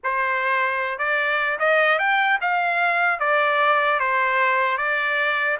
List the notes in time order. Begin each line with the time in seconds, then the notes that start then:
0.03 C5
0.98 D5
1.59 D#5
1.98 G5
2.41 F5
3.19 D5
3.99 C5
4.77 D5